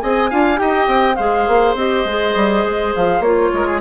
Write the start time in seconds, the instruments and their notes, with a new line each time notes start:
0.00 bassoon C4, clarinet G#4, oboe D#5, flute G#5
0.30 bassoon D4, clarinet F4, oboe F5
0.56 bassoon D#4, clarinet G4, oboe D#5, flute G5
0.87 bassoon C4
1.15 bassoon G#3, clarinet G#4, oboe C5, flute F5
1.47 bassoon A#3
1.74 bassoon C4, clarinet G4, flute D#5
2.04 bassoon G#3, clarinet G#4
2.35 bassoon G3
2.64 bassoon G#3
2.95 bassoon F3, flute F5
3.19 bassoon A#3, clarinet F4, flute C#5
3.52 bassoon G#3, oboe A#4
3.67 oboe G#4